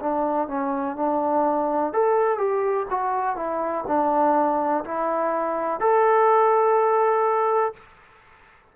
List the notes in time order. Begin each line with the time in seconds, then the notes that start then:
0.00 D4
0.48 C#4
0.96 D4
1.93 A4
2.38 G4
2.90 F#4
3.36 E4
3.87 D4
4.84 E4
5.80 A4